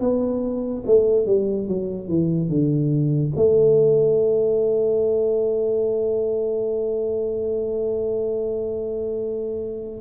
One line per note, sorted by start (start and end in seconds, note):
0.00 0.83 B3
0.86 1.26 A3
1.26 1.68 G3
1.68 2.08 F#3
2.08 2.49 E3
2.49 3.32 D3
3.36 10.01 A3